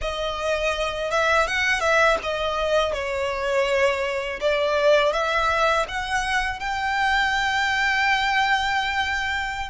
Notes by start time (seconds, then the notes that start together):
0.01 D#5
1.10 E5
1.47 F#5
1.80 E5
2.23 D#5
2.93 C#5
4.40 D5
5.12 E5
5.88 F#5
6.59 G5